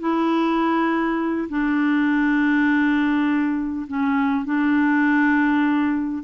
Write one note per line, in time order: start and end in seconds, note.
0.00 1.49 E4
1.49 3.87 D4
3.87 4.46 C#4
4.46 6.24 D4